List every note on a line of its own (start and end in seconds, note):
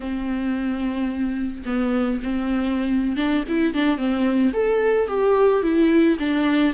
0.00 1.63 C4
1.65 2.20 B3
2.22 3.16 C4
3.16 3.44 D4
3.48 3.74 E4
3.74 3.97 D4
3.97 4.52 C4
4.53 5.07 A4
5.07 5.62 G4
5.62 6.17 E4
6.19 6.74 D4